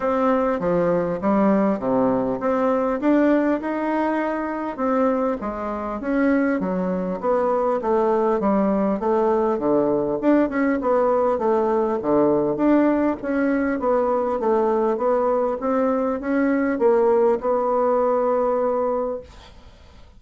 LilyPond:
\new Staff \with { instrumentName = "bassoon" } { \time 4/4 \tempo 4 = 100 c'4 f4 g4 c4 | c'4 d'4 dis'2 | c'4 gis4 cis'4 fis4 | b4 a4 g4 a4 |
d4 d'8 cis'8 b4 a4 | d4 d'4 cis'4 b4 | a4 b4 c'4 cis'4 | ais4 b2. | }